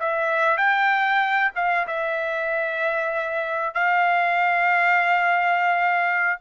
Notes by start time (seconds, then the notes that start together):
0.00 E5
0.57 G5
1.56 F5
1.87 E5
3.74 F5